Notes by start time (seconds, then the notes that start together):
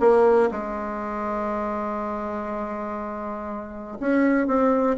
0.00 A#3
0.51 G#3
4.00 C#4
4.47 C4